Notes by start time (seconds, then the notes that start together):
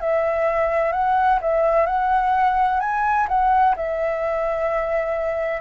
0.00 E5
0.92 F#5
1.41 E5
1.86 F#5
2.80 G#5
3.28 F#5
3.76 E5